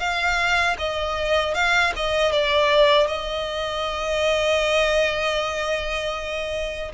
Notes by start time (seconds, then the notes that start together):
0.00 F5
0.79 D#5
1.55 F5
1.97 D#5
2.33 D5
3.07 D#5